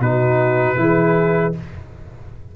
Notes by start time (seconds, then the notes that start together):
0.00 B2 D#4 F#4 B4
0.76 E3 E4 G#4